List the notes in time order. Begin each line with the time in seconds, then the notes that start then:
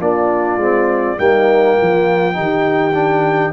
0.00 A#3 D4 F4 D5
0.57 G#3 C4
1.18 G3 A#3 D#4 G5
1.77 F3 F4
2.34 D#3 D#4 G4
2.95 D4